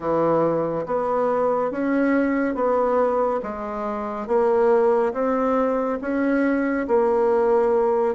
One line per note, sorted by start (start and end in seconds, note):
0.00 0.85 E3
0.86 1.71 B3
1.71 2.54 C#4
2.54 3.40 B3
3.42 4.27 G#3
4.27 5.12 A#3
5.13 5.98 C4
6.01 6.86 C#4
6.87 8.14 A#3